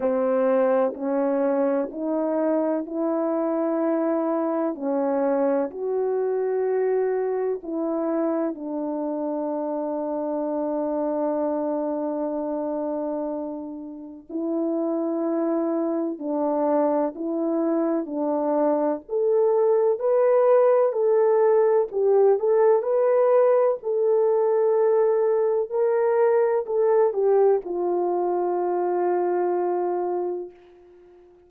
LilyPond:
\new Staff \with { instrumentName = "horn" } { \time 4/4 \tempo 4 = 63 c'4 cis'4 dis'4 e'4~ | e'4 cis'4 fis'2 | e'4 d'2.~ | d'2. e'4~ |
e'4 d'4 e'4 d'4 | a'4 b'4 a'4 g'8 a'8 | b'4 a'2 ais'4 | a'8 g'8 f'2. | }